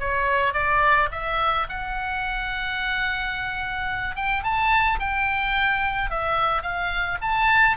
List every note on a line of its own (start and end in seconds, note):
0.00 0.54 C#5
0.54 1.09 D5
1.12 1.67 E5
1.69 4.16 F#5
4.16 4.44 G5
4.44 4.99 A5
4.99 6.10 G5
6.10 6.62 E5
6.62 7.18 F5
7.22 7.77 A5